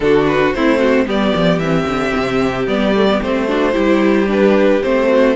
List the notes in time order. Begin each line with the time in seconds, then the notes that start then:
0.00 D3 D4 F#4 A4
0.27 B4
0.53 A3 C4 E4 C5
0.78 F#4
1.06 G3 B3 G4 D5
1.35 F3
1.58 E3 C4 E5
1.85 D3
2.16 C3
2.66 G3 B3 D5
2.94 A3
3.09 B3
3.22 A3 C4 C5
3.47 D4 F#4
3.72 G3 E4 G4
4.27 D4 B4
4.82 A3 C4 C5
5.08 F#4